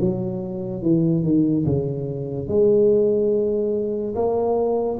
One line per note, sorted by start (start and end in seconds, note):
0.00 0.82 F#3
0.82 1.23 E3
1.23 1.65 D#3
1.66 2.48 C#3
2.48 4.15 G#3
4.15 4.98 A#3